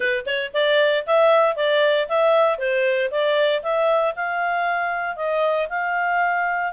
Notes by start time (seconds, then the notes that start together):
0.00 B4
0.26 C#5
0.53 D5
1.06 E5
1.56 D5
2.08 E5
2.58 C5
3.10 D5
3.62 E5
4.15 F5
5.16 D#5
5.69 F5